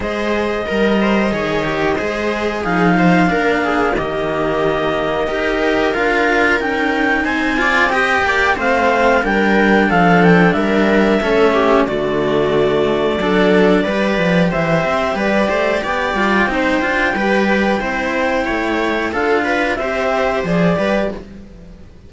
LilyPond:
<<
  \new Staff \with { instrumentName = "clarinet" } { \time 4/4 \tempo 4 = 91 dis''1 | f''2 dis''2~ | dis''4 f''4 g''4 gis''4 | g''4 f''4 g''4 f''8 g''8 |
e''2 d''2~ | d''2 e''4 d''4 | g''1~ | g''4 f''4 e''4 d''4 | }
  \new Staff \with { instrumentName = "viola" } { \time 4/4 c''4 ais'8 c''8 cis''4 c''4 | gis'8 c''8 ais'8 gis'8 g'2 | ais'2. c''8 d''8 | dis''8 d''8 c''4 ais'4 a'4 |
ais'4 a'8 g'8 fis'2 | a'4 b'4 c''4 b'8 c''8 | d''4 c''4 b'4 c''4 | cis''4 a'8 b'8 c''4. b'8 | }
  \new Staff \with { instrumentName = "cello" } { \time 4/4 gis'4 ais'4 gis'8 g'8 gis'4 | dis'4 d'4 ais2 | g'4 f'4 dis'4. f'8 | g'4 c'4 d'2~ |
d'4 cis'4 a2 | d'4 g'2.~ | g'8 f'8 dis'8 f'8 g'4 e'4~ | e'4 f'4 g'4 gis'8 g'8 | }
  \new Staff \with { instrumentName = "cello" } { \time 4/4 gis4 g4 dis4 gis4 | f4 ais4 dis2 | dis'4 d'4 cis'4 c'4~ | c'8 ais8 a4 g4 f4 |
g4 a4 d2 | fis4 g8 f8 e8 c'8 g8 a8 | b8 g8 c'8 d'8 g4 c'4 | a4 d'4 c'4 f8 g8 | }
>>